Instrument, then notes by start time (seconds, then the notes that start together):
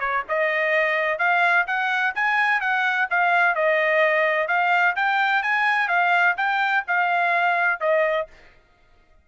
trumpet
0.00 C#5
0.29 D#5
1.19 F5
1.68 F#5
2.15 G#5
2.61 F#5
3.11 F5
3.56 D#5
4.48 F5
4.96 G5
5.43 G#5
5.88 F5
6.37 G5
6.88 F5
7.80 D#5